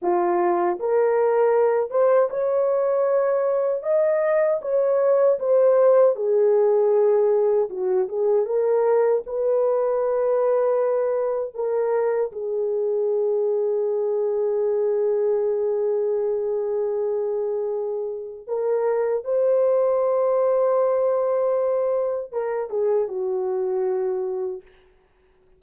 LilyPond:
\new Staff \with { instrumentName = "horn" } { \time 4/4 \tempo 4 = 78 f'4 ais'4. c''8 cis''4~ | cis''4 dis''4 cis''4 c''4 | gis'2 fis'8 gis'8 ais'4 | b'2. ais'4 |
gis'1~ | gis'1 | ais'4 c''2.~ | c''4 ais'8 gis'8 fis'2 | }